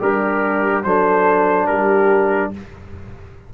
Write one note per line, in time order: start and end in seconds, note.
0.00 0.85 G3
0.00 0.87 D4
0.00 0.85 G4
0.00 0.84 A#4
0.84 1.68 F#3
0.84 2.54 D4
0.84 1.68 A4
0.84 1.67 C5
1.67 2.53 G3
1.67 2.52 G4
1.67 2.52 A#4